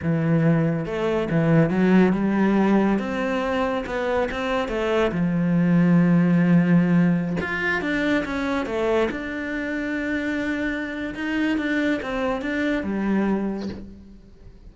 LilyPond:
\new Staff \with { instrumentName = "cello" } { \time 4/4 \tempo 4 = 140 e2 a4 e4 | fis4 g2 c'4~ | c'4 b4 c'4 a4 | f1~ |
f4~ f16 f'4 d'4 cis'8.~ | cis'16 a4 d'2~ d'8.~ | d'2 dis'4 d'4 | c'4 d'4 g2 | }